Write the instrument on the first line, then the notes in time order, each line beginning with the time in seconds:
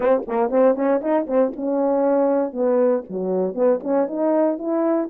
horn
0.00 C4
0.27 A#3
0.50 C4
0.75 C#4
1.01 D#4
1.26 C4
1.55 C#4
2.52 B3
3.09 F#3
3.54 B3
3.83 C#4
4.07 D#4
4.58 E4